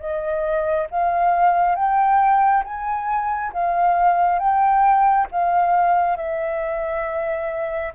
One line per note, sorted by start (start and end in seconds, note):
0.00 0.88 D#5
0.91 1.76 F5
1.76 2.64 G5
2.65 3.53 G#5
3.53 4.39 F5
4.39 5.27 G5
5.32 6.17 F5
6.17 7.94 E5